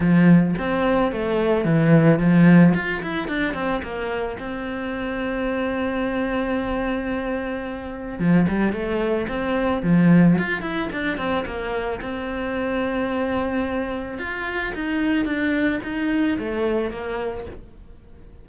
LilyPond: \new Staff \with { instrumentName = "cello" } { \time 4/4 \tempo 4 = 110 f4 c'4 a4 e4 | f4 f'8 e'8 d'8 c'8 ais4 | c'1~ | c'2. f8 g8 |
a4 c'4 f4 f'8 e'8 | d'8 c'8 ais4 c'2~ | c'2 f'4 dis'4 | d'4 dis'4 a4 ais4 | }